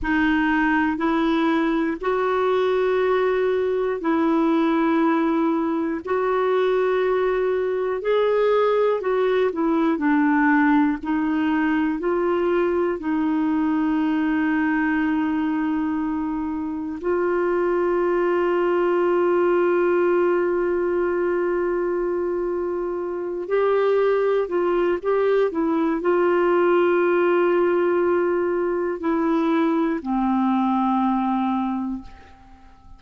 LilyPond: \new Staff \with { instrumentName = "clarinet" } { \time 4/4 \tempo 4 = 60 dis'4 e'4 fis'2 | e'2 fis'2 | gis'4 fis'8 e'8 d'4 dis'4 | f'4 dis'2.~ |
dis'4 f'2.~ | f'2.~ f'8 g'8~ | g'8 f'8 g'8 e'8 f'2~ | f'4 e'4 c'2 | }